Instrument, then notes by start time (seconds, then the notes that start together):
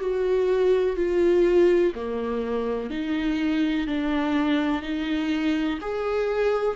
viola
0.00 F#4
0.96 F4
1.95 A#3
2.90 D#4
3.87 D4
4.82 D#4
5.81 G#4